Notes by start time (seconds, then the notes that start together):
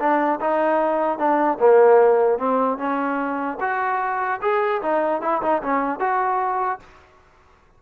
0.00 D4
0.41 D#4
1.19 D4
1.60 A#3
2.39 C4
2.78 C#4
3.61 F#4
4.42 G#4
4.82 D#4
5.22 E4
5.43 D#4
5.63 C#4
6.00 F#4